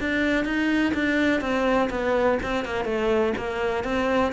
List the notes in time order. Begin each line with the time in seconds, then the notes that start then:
0.00 D4
0.45 D#4
0.94 D4
1.41 C4
1.90 B3
2.43 C4
2.65 A#3
2.85 A3
3.37 A#3
3.84 C4